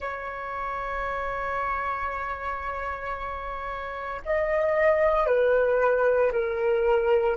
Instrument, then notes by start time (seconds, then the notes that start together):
flute
0.00 C#5
4.25 D#5
5.26 B4
6.32 A#4